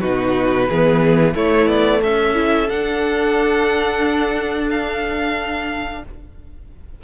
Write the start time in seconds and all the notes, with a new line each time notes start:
0.00 B2 D#4 F#4 B4
0.69 E3 B3 G#4
1.35 A3 E4 C#5
1.67 B3 D5
2.02 C#4 A4 E5
2.34 E4
2.69 D4 F#5
4.70 F5